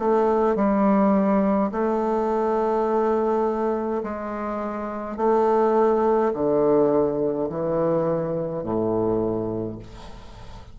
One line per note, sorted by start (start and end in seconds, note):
0.00 0.56 A3
0.56 1.72 G3
1.72 4.03 A3
4.04 5.18 G#3
5.18 6.33 A3
6.34 7.49 D3
7.50 8.64 E3
8.64 9.79 A2